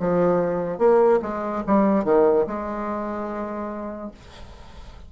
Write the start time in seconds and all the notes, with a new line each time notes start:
0.00 F3
0.78 A#3
1.22 G#3
1.67 G3
2.05 D#3
2.47 G#3